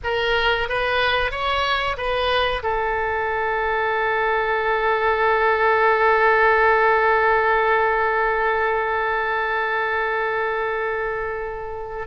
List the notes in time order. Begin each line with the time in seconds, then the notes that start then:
0.03 A#4
0.68 B4
1.31 C#5
1.97 B4
2.62 A4